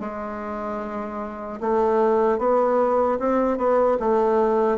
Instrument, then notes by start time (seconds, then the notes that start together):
bassoon
0.00 G#3
1.60 A3
2.39 B3
3.19 C4
3.58 B3
4.00 A3